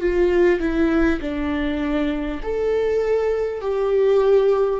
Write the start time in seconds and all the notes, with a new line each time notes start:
0.00 F4
0.59 E4
1.21 D4
2.42 A4
3.61 G4